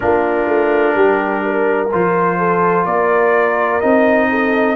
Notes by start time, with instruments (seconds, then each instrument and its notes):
0.00 tuba A#3, trombone D4, horn F4, trumpet A#4
0.47 tuba A3
0.94 tuba G3, horn G4
1.44 horn A#4
1.91 tuba F3, trombone F4, trumpet C5
2.38 horn A4
2.85 tuba A#3, horn A#4, trumpet D5
3.80 tuba C4, trombone D#4, trumpet D#5
4.29 horn A4